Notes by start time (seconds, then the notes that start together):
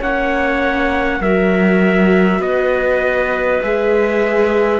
0.00 A#3 C#4 C#5 F#5
1.21 F#3 F#4 A#4 E5
2.40 B3 B4 D#5
3.63 G#3 G#4 E5